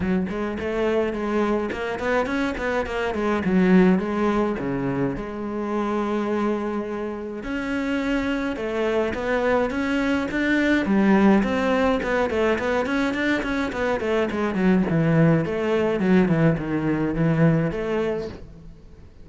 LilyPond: \new Staff \with { instrumentName = "cello" } { \time 4/4 \tempo 4 = 105 fis8 gis8 a4 gis4 ais8 b8 | cis'8 b8 ais8 gis8 fis4 gis4 | cis4 gis2.~ | gis4 cis'2 a4 |
b4 cis'4 d'4 g4 | c'4 b8 a8 b8 cis'8 d'8 cis'8 | b8 a8 gis8 fis8 e4 a4 | fis8 e8 dis4 e4 a4 | }